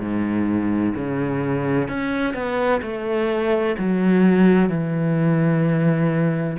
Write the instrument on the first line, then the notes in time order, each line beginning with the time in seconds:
cello
0.00 G#2
0.95 C#3
1.88 C#4
2.34 B3
2.82 A3
3.78 F#3
4.69 E3